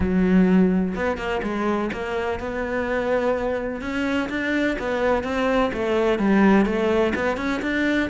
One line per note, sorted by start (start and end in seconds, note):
0.00 0.94 F#3
0.95 1.17 B3
1.17 1.41 A#3
1.43 1.90 G#3
1.92 2.39 A#3
2.39 3.81 B3
3.81 4.28 C#4
4.29 4.76 D4
4.78 5.23 B3
5.23 5.71 C4
5.73 6.18 A3
6.18 6.65 G3
6.65 7.13 A3
7.15 7.37 B3
7.37 7.60 C#4
7.62 8.09 D4